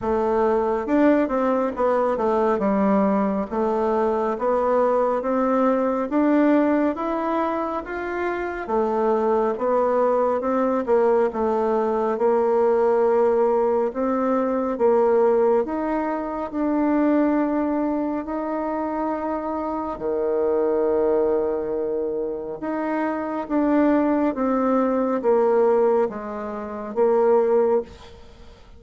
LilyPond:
\new Staff \with { instrumentName = "bassoon" } { \time 4/4 \tempo 4 = 69 a4 d'8 c'8 b8 a8 g4 | a4 b4 c'4 d'4 | e'4 f'4 a4 b4 | c'8 ais8 a4 ais2 |
c'4 ais4 dis'4 d'4~ | d'4 dis'2 dis4~ | dis2 dis'4 d'4 | c'4 ais4 gis4 ais4 | }